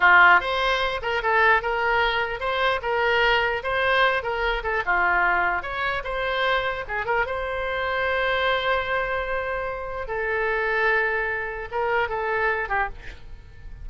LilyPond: \new Staff \with { instrumentName = "oboe" } { \time 4/4 \tempo 4 = 149 f'4 c''4. ais'8 a'4 | ais'2 c''4 ais'4~ | ais'4 c''4. ais'4 a'8 | f'2 cis''4 c''4~ |
c''4 gis'8 ais'8 c''2~ | c''1~ | c''4 a'2.~ | a'4 ais'4 a'4. g'8 | }